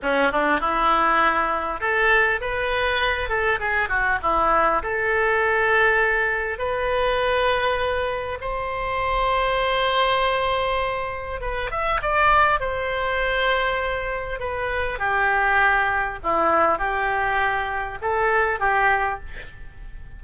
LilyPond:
\new Staff \with { instrumentName = "oboe" } { \time 4/4 \tempo 4 = 100 cis'8 d'8 e'2 a'4 | b'4. a'8 gis'8 fis'8 e'4 | a'2. b'4~ | b'2 c''2~ |
c''2. b'8 e''8 | d''4 c''2. | b'4 g'2 e'4 | g'2 a'4 g'4 | }